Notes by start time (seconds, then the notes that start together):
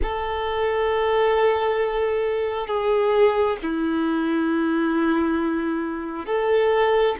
0.02 A4
2.67 G#4
3.62 E4
6.26 A4